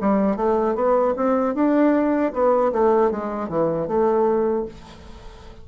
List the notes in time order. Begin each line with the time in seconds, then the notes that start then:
0.00 G3
0.36 A3
0.75 B3
1.16 C4
1.54 D4
2.33 B3
2.72 A3
3.11 G#3
3.48 E3
3.87 A3